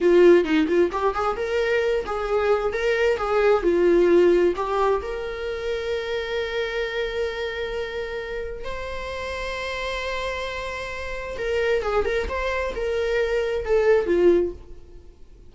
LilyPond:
\new Staff \with { instrumentName = "viola" } { \time 4/4 \tempo 4 = 132 f'4 dis'8 f'8 g'8 gis'8 ais'4~ | ais'8 gis'4. ais'4 gis'4 | f'2 g'4 ais'4~ | ais'1~ |
ais'2. c''4~ | c''1~ | c''4 ais'4 gis'8 ais'8 c''4 | ais'2 a'4 f'4 | }